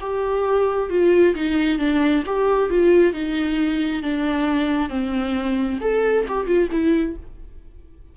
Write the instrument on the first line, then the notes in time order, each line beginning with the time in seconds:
viola
0.00 G4
0.89 F4
1.35 D#4
1.78 D4
2.26 G4
2.69 F4
3.12 D#4
4.02 D4
4.89 C4
5.80 A4
6.28 G4
6.46 F4
6.71 E4